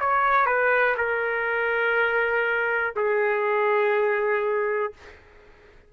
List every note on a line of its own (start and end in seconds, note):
0.00 0.46 C#5
0.46 0.95 B4
0.97 2.93 A#4
2.96 4.92 G#4